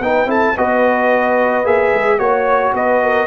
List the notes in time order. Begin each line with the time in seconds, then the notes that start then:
0.00 B3 D#4 B4 G5
0.26 C4 E4 A4 A5
0.57 B3 F#4 B4 D#5
1.64 A#3 G#4 E5
1.94 G#3
2.18 A#3 F#4 C#5
2.73 B3 B4 D#5
3.02 A#4